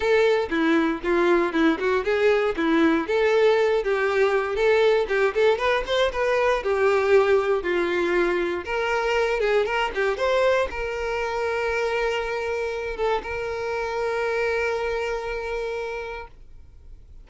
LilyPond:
\new Staff \with { instrumentName = "violin" } { \time 4/4 \tempo 4 = 118 a'4 e'4 f'4 e'8 fis'8 | gis'4 e'4 a'4. g'8~ | g'4 a'4 g'8 a'8 b'8 c''8 | b'4 g'2 f'4~ |
f'4 ais'4. gis'8 ais'8 g'8 | c''4 ais'2.~ | ais'4. a'8 ais'2~ | ais'1 | }